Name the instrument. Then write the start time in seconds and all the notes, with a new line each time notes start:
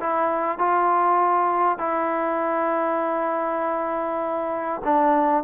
trombone
0.00 E4
0.58 F4
1.79 E4
4.85 D4